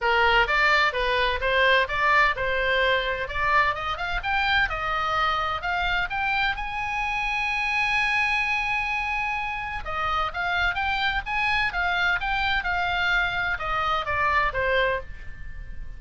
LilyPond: \new Staff \with { instrumentName = "oboe" } { \time 4/4 \tempo 4 = 128 ais'4 d''4 b'4 c''4 | d''4 c''2 d''4 | dis''8 f''8 g''4 dis''2 | f''4 g''4 gis''2~ |
gis''1~ | gis''4 dis''4 f''4 g''4 | gis''4 f''4 g''4 f''4~ | f''4 dis''4 d''4 c''4 | }